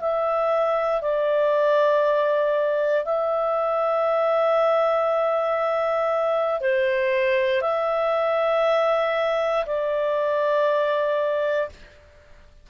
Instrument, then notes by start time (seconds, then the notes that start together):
clarinet
0.00 E5
1.01 D5
3.05 E5
6.61 C5
7.61 E5
9.66 D5